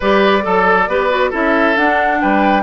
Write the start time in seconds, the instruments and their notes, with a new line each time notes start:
0.00 bassoon G3, clarinet G4, oboe B4, flute D5
0.42 bassoon F#3, clarinet A4, oboe A4
0.87 bassoon B3, clarinet G4, oboe B4
1.09 clarinet F#4
1.30 bassoon C#4, clarinet E4, oboe A4, flute E5
1.77 bassoon D4, clarinet D4, flute F#5
2.20 bassoon G3, oboe B4, flute G5